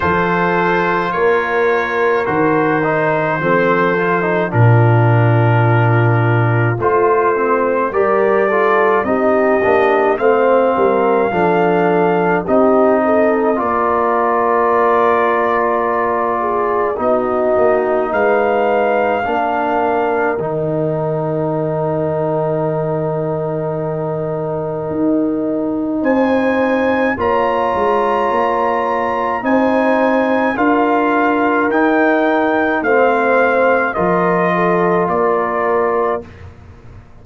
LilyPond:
<<
  \new Staff \with { instrumentName = "trumpet" } { \time 4/4 \tempo 4 = 53 c''4 cis''4 c''2 | ais'2 c''4 d''4 | dis''4 f''2 dis''4 | d''2. dis''4 |
f''2 g''2~ | g''2. gis''4 | ais''2 gis''4 f''4 | g''4 f''4 dis''4 d''4 | }
  \new Staff \with { instrumentName = "horn" } { \time 4/4 a'4 ais'2 a'4 | f'2. ais'8 a'8 | g'4 c''8 ais'8 a'4 g'8 a'8 | ais'2~ ais'8 gis'8 fis'4 |
b'4 ais'2.~ | ais'2. c''4 | cis''2 c''4 ais'4~ | ais'4 c''4 ais'8 a'8 ais'4 | }
  \new Staff \with { instrumentName = "trombone" } { \time 4/4 f'2 fis'8 dis'8 c'8 f'16 dis'16 | d'2 f'8 c'8 g'8 f'8 | dis'8 d'8 c'4 d'4 dis'4 | f'2. dis'4~ |
dis'4 d'4 dis'2~ | dis'1 | f'2 dis'4 f'4 | dis'4 c'4 f'2 | }
  \new Staff \with { instrumentName = "tuba" } { \time 4/4 f4 ais4 dis4 f4 | ais,2 a4 g4 | c'8 ais8 a8 g8 f4 c'4 | ais2. b8 ais8 |
gis4 ais4 dis2~ | dis2 dis'4 c'4 | ais8 gis8 ais4 c'4 d'4 | dis'4 a4 f4 ais4 | }
>>